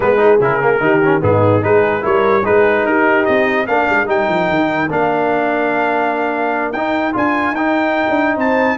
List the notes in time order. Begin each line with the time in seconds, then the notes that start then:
0.00 G#3 B3 A#4 B4
0.17 D#4 G#4
0.40 C#3 E4 A#4
0.61 A#3
0.80 D#3 D#4 G4
1.04 C#4
1.21 G#2 B3 D#4 G#4
1.61 G#3 D#4 G#4 B4
2.01 G3 E4 A#4 C#5
2.43 G#3 D#4 G#4 B4
2.85 D#4 G4 A#4
3.25 C4 D#5
3.66 A#3 D4 A#4 F5
3.89 G#3
4.06 G3 D#4 G5
4.28 F3
4.49 D#3
4.90 A#3 D4 F5
6.72 D#4 G5
7.12 D4 F4 G#5
7.51 D#4 G5
7.57 D#4
8.08 D4
8.36 C4 C5 A5